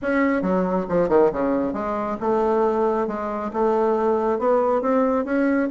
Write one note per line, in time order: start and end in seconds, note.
0.01 0.42 C#4
0.42 0.85 F#3
0.88 1.08 F3
1.08 1.30 D#3
1.32 1.73 C#3
1.73 2.17 G#3
2.20 3.07 A3
3.07 3.51 G#3
3.53 4.39 A3
4.39 4.81 B3
4.81 5.25 C4
5.25 5.68 C#4